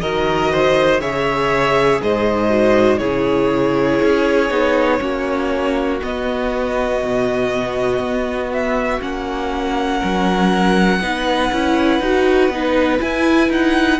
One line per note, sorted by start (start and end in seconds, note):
0.00 1.00 D#3
0.00 1.01 F#4
0.00 0.52 A#4
0.00 1.00 D#5
0.52 1.01 C5
1.00 2.00 C#3
1.00 2.49 G#4
1.00 2.01 C#5
1.00 2.01 E5
2.02 3.00 G#2
2.02 2.99 C5
2.02 2.98 D#5
2.49 2.99 F#4
2.98 4.00 C#3
2.98 4.49 E4
2.98 4.99 G#4
2.98 5.98 C#5
4.02 4.50 C#4
4.49 5.00 B3
4.49 4.99 D#4
4.99 6.00 A#3
4.99 5.99 C#4
4.99 9.99 F#4
6.02 9.00 B3
6.02 7.03 B3
6.02 8.52 D#5
7.03 8.00 B2
8.00 9.00 B3
8.52 9.02 E5
9.00 10.02 A#3
9.00 11.00 C#4
9.00 13.00 F#5
9.99 11.00 F#3
9.99 10.99 A#4
11.00 11.50 B3
11.00 11.52 D#4
11.00 13.99 B4
11.52 12.00 C#4
11.52 12.02 E4
12.00 12.49 D#4
12.00 12.51 F#4
12.49 12.99 B3
12.49 12.99 D#4
12.99 13.99 E4
12.99 13.50 E4
12.99 13.50 G#5
13.50 13.99 D#4
13.50 13.99 F#5